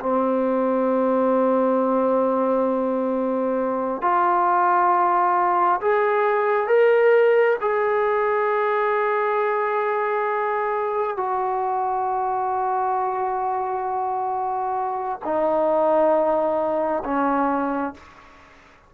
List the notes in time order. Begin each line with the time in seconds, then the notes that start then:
0.00 C4
4.02 F4
5.81 G#4
6.67 A#4
7.61 G#4
11.17 F#4
15.24 D#4
17.05 C#4